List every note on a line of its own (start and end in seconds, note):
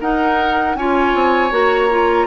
0.00 0.75 D#4
0.00 0.77 D#4
0.00 0.76 A#4
0.00 0.76 F#5
0.75 1.13 C#4
0.75 1.50 F4
0.75 2.27 C#5
0.75 1.52 G#5
1.14 1.51 C4
1.50 2.27 A#3
1.50 1.88 F#4
1.50 2.27 A#5
1.90 2.27 F4